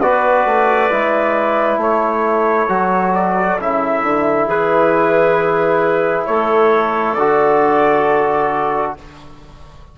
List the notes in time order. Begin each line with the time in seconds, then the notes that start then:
0.00 B3 F#4 B4 D5
0.45 A3
0.90 G#3 E4
1.77 A3 A4 C#5
2.68 F#3 F#4
3.14 D5
3.58 C#3 E4 E5
4.02 D3
4.46 E3 G#4 B4
6.25 A3 A4 C#5
7.13 D3 F#4 D5